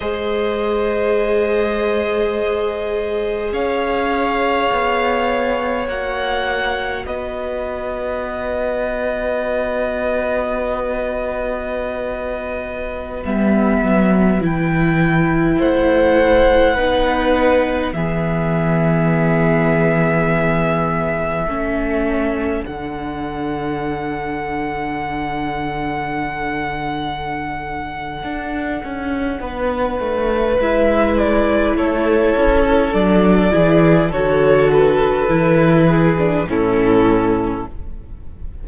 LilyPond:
<<
  \new Staff \with { instrumentName = "violin" } { \time 4/4 \tempo 4 = 51 dis''2. f''4~ | f''4 fis''4 dis''2~ | dis''2.~ dis''16 e''8.~ | e''16 g''4 fis''2 e''8.~ |
e''2.~ e''16 fis''8.~ | fis''1~ | fis''2 e''8 d''8 cis''4 | d''4 cis''8 b'4. a'4 | }
  \new Staff \with { instrumentName = "violin" } { \time 4/4 c''2. cis''4~ | cis''2 b'2~ | b'1~ | b'4~ b'16 c''4 b'4 gis'8.~ |
gis'2~ gis'16 a'4.~ a'16~ | a'1~ | a'4 b'2 a'4~ | a'8 gis'8 a'4. gis'8 e'4 | }
  \new Staff \with { instrumentName = "viola" } { \time 4/4 gis'1~ | gis'4 fis'2.~ | fis'2.~ fis'16 b8.~ | b16 e'2 dis'4 b8.~ |
b2~ b16 cis'4 d'8.~ | d'1~ | d'2 e'2 | d'8 e'8 fis'4 e'8. d'16 cis'4 | }
  \new Staff \with { instrumentName = "cello" } { \time 4/4 gis2. cis'4 | b4 ais4 b2~ | b2.~ b16 g8 fis16~ | fis16 e4 a4 b4 e8.~ |
e2~ e16 a4 d8.~ | d1 | d'8 cis'8 b8 a8 gis4 a8 cis'8 | fis8 e8 d4 e4 a,4 | }
>>